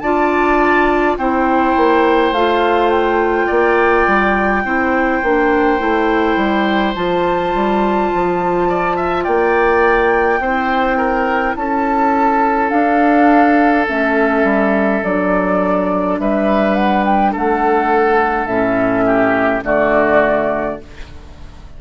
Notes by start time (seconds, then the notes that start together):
0.00 D4 F4 D5 A5
1.17 C4 E4 C5 G5
1.77 A#3
2.32 A3 F4 F5
2.90 G5
3.47 A#3 D5
4.07 G3
4.64 C4 E4 C5
5.23 A#3 D4
5.79 A3 E4
6.37 G3
6.95 F3 F4 A5
7.55 G3
8.14 F3
8.69 D5
8.97 E5
9.24 A#3 D5 G5
10.40 C4 E4 C5
10.98 A#4
11.56 C#4 A4 A5
12.69 D4 F5
13.89 A3 C#4 E5
14.44 G3
15.04 F#3 D4 D5
16.19 G3 B4 E5
16.75 F#5
17.05 G5
17.32 A3 A4 F#5
18.47 A2 C#4 E5
19.06 G4
19.63 D3 A3 F#4 D5